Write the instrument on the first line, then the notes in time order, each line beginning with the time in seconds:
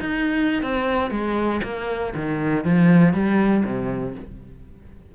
cello
0.00 D#4
0.63 C4
1.11 G#3
1.64 A#3
2.16 D#3
2.65 F3
3.14 G3
3.65 C3